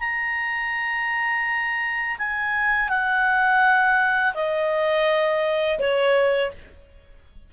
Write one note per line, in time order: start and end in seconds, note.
0.00 2.17 A#5
2.19 2.89 G#5
2.89 4.33 F#5
4.34 5.79 D#5
5.79 6.51 C#5